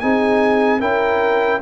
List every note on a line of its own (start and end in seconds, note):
0.00 0.81 C4
0.00 0.80 D#4
0.00 0.80 G#4
0.00 0.80 G#5
0.80 1.61 C#4
0.80 1.60 E4
0.80 1.60 A#4
0.80 1.61 G5